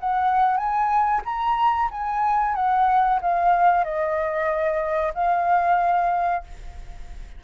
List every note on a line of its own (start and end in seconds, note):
0.00 0.57 F#5
0.57 1.22 G#5
1.25 1.90 A#5
1.91 2.55 G#5
2.55 3.20 F#5
3.21 3.84 F5
3.84 5.13 D#5
5.15 6.44 F5